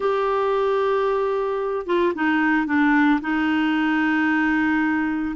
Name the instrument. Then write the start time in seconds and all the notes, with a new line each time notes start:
clarinet
0.00 G4
1.86 F4
2.14 D#4
2.66 D4
3.21 D#4